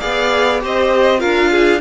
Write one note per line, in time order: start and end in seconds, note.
0.00 0.64 B3
0.00 0.60 G#4
0.00 0.62 D5
0.00 0.61 F5
0.60 1.24 C4
0.60 1.18 G4
0.60 1.20 C5
0.60 1.20 D#5
1.18 1.81 D4
1.18 1.79 F4
1.18 1.50 A#4
1.18 1.81 F5
1.51 1.81 G#4